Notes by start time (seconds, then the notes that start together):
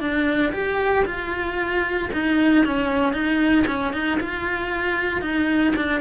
0.00 D4
0.53 G4
1.06 F4
2.13 D#4
2.65 C#4
3.13 D#4
3.67 C#4
3.93 D#4
4.20 F4
5.22 D#4
5.76 D4